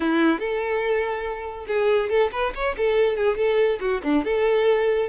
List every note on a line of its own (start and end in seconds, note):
0.00 0.39 E4
0.39 1.66 A4
1.67 2.09 G#4
2.09 2.30 A4
2.32 2.53 B4
2.54 2.75 C#5
2.77 3.16 A4
3.16 3.37 G#4
3.37 3.79 A4
3.80 4.01 F#4
4.03 4.24 D4
4.24 5.08 A4